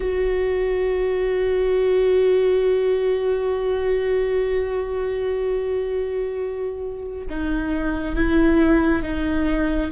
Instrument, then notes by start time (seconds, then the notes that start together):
viola
0.00 F#4
7.29 D#4
8.15 E4
9.02 D#4